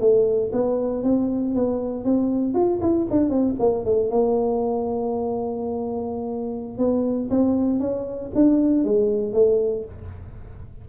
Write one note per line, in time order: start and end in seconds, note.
0.00 0.51 A3
0.52 1.03 B3
1.03 1.55 C4
1.55 2.04 B3
2.04 2.54 C4
2.54 2.80 F4
2.81 3.07 E4
3.10 3.30 D4
3.30 3.55 C4
3.59 3.85 A#3
3.85 4.10 A3
4.10 6.78 A#3
6.78 7.29 B3
7.30 7.80 C4
7.80 8.31 C#4
8.35 8.84 D4
8.84 9.33 G#3
9.33 9.85 A3